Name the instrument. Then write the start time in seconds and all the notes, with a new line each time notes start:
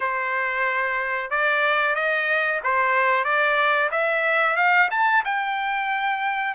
trumpet
0.00 C5
1.30 D5
1.95 D#5
2.63 C5
3.24 D5
3.91 E5
4.56 F5
4.91 A5
5.24 G5